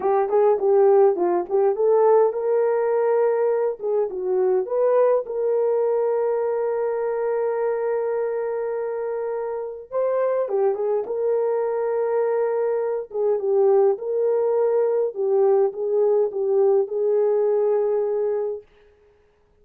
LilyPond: \new Staff \with { instrumentName = "horn" } { \time 4/4 \tempo 4 = 103 g'8 gis'8 g'4 f'8 g'8 a'4 | ais'2~ ais'8 gis'8 fis'4 | b'4 ais'2.~ | ais'1~ |
ais'4 c''4 g'8 gis'8 ais'4~ | ais'2~ ais'8 gis'8 g'4 | ais'2 g'4 gis'4 | g'4 gis'2. | }